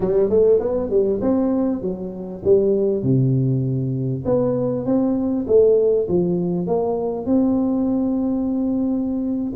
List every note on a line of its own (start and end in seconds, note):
0.00 0.29 G3
0.29 0.59 A3
0.59 0.90 B3
0.90 1.20 G3
1.21 1.81 C4
1.81 2.42 F#3
2.44 3.02 G3
3.02 4.23 C3
4.25 4.85 B3
4.85 5.46 C4
5.47 6.07 A3
6.08 6.66 F3
6.66 7.26 A#3
7.26 9.53 C4